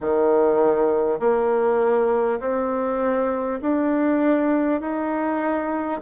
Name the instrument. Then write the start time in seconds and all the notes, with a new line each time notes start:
bassoon
0.00 D#3
1.19 A#3
2.39 C4
3.61 D4
4.80 D#4